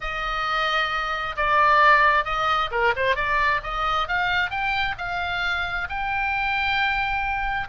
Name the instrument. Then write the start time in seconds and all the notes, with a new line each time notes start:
oboe
0.00 D#5
1.36 D5
2.25 D#5
2.71 A#4
2.96 C5
3.15 D5
3.63 D#5
4.08 F5
4.50 G5
4.97 F5
5.89 G5